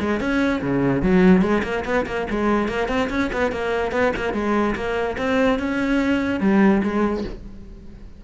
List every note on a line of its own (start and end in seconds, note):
0.00 0.20 G#3
0.20 0.62 C#4
0.62 1.02 C#3
1.02 1.42 F#3
1.42 1.63 G#3
1.64 1.85 A#3
1.85 2.06 B3
2.06 2.27 A#3
2.30 2.68 G#3
2.68 2.89 A#3
2.89 3.09 C4
3.10 3.31 C#4
3.33 3.52 B3
3.52 3.92 A#3
3.92 4.13 B3
4.16 4.34 A#3
4.34 4.75 G#3
4.75 5.17 A#3
5.18 5.59 C4
5.59 6.40 C#4
6.40 6.82 G3
6.83 7.25 G#3